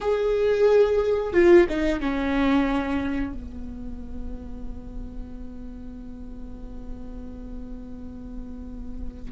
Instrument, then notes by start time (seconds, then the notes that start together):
viola
0.01 G#4
1.33 F4
1.69 D#4
2.00 C#4
3.33 B3